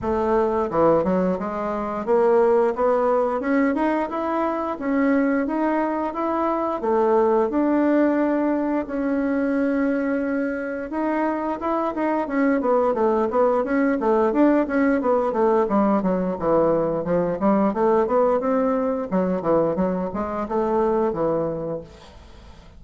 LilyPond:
\new Staff \with { instrumentName = "bassoon" } { \time 4/4 \tempo 4 = 88 a4 e8 fis8 gis4 ais4 | b4 cis'8 dis'8 e'4 cis'4 | dis'4 e'4 a4 d'4~ | d'4 cis'2. |
dis'4 e'8 dis'8 cis'8 b8 a8 b8 | cis'8 a8 d'8 cis'8 b8 a8 g8 fis8 | e4 f8 g8 a8 b8 c'4 | fis8 e8 fis8 gis8 a4 e4 | }